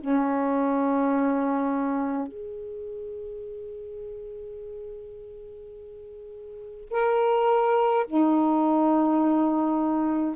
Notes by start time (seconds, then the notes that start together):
0.00 C#4
2.27 G#4
6.90 A#4
8.07 D#4